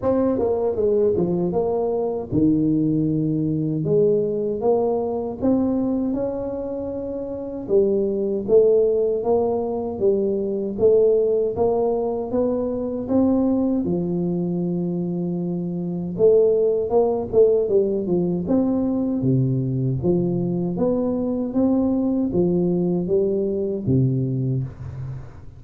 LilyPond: \new Staff \with { instrumentName = "tuba" } { \time 4/4 \tempo 4 = 78 c'8 ais8 gis8 f8 ais4 dis4~ | dis4 gis4 ais4 c'4 | cis'2 g4 a4 | ais4 g4 a4 ais4 |
b4 c'4 f2~ | f4 a4 ais8 a8 g8 f8 | c'4 c4 f4 b4 | c'4 f4 g4 c4 | }